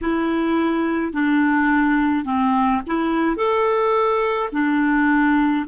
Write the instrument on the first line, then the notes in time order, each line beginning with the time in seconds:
clarinet
0.01 E4
1.13 D4
2.24 C4
2.86 E4
3.36 A4
4.52 D4